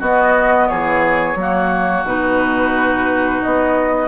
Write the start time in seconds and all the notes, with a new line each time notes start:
0.00 B3 F#4 D#5
0.68 E3 G#4 C#5
1.36 F#3 A#3
1.42 F#4
2.04 B2 D#4 B4
3.43 B3 D#5